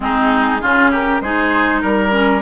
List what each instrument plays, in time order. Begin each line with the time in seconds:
0.00 bassoon G#3, clarinet C4, oboe D#4, flute G#4
0.61 bassoon C#3, clarinet C#4, oboe F4
0.91 oboe G4, flute A#4
1.20 bassoon G#3, clarinet D#4, oboe G#4, flute C5
1.81 bassoon G3, oboe A#4, flute A#4
2.10 clarinet C#4